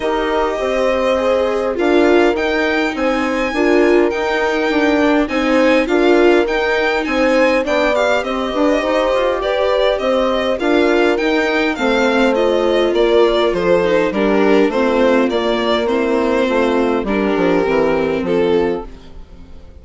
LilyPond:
<<
  \new Staff \with { instrumentName = "violin" } { \time 4/4 \tempo 4 = 102 dis''2. f''4 | g''4 gis''2 g''4~ | g''4 gis''4 f''4 g''4 | gis''4 g''8 f''8 dis''2 |
d''4 dis''4 f''4 g''4 | f''4 dis''4 d''4 c''4 | ais'4 c''4 d''4 c''4~ | c''4 ais'2 a'4 | }
  \new Staff \with { instrumentName = "horn" } { \time 4/4 ais'4 c''2 ais'4~ | ais'4 c''4 ais'2~ | ais'4 c''4 ais'2 | c''4 d''4 c''8 b'8 c''4 |
b'4 c''4 ais'2 | c''2 ais'4 a'4 | g'4 f'2 e'4 | f'4 g'2 f'4 | }
  \new Staff \with { instrumentName = "viola" } { \time 4/4 g'2 gis'4 f'4 | dis'2 f'4 dis'4~ | dis'8 d'8 dis'4 f'4 dis'4~ | dis'4 d'8 g'2~ g'8~ |
g'2 f'4 dis'4 | c'4 f'2~ f'8 dis'8 | d'4 c'4 ais4 c'4~ | c'4 d'4 c'2 | }
  \new Staff \with { instrumentName = "bassoon" } { \time 4/4 dis'4 c'2 d'4 | dis'4 c'4 d'4 dis'4 | d'4 c'4 d'4 dis'4 | c'4 b4 c'8 d'8 dis'8 f'8 |
g'4 c'4 d'4 dis'4 | a2 ais4 f4 | g4 a4 ais2 | a4 g8 f8 e4 f4 | }
>>